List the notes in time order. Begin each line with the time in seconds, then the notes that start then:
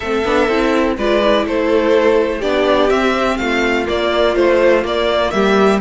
0.00 A3 C4 A4 E5
0.24 B3 D4
0.48 C4 E4
0.97 G#3 F4 B4 D5
1.22 E4
1.45 A3 A4 C5
2.38 B3 D4 G4 D5
2.89 C4 E5
3.37 A3 F4 F5
3.85 A#3 D5
4.34 F3 A3 C5
4.82 A#3 D5
5.30 G3 G4 E5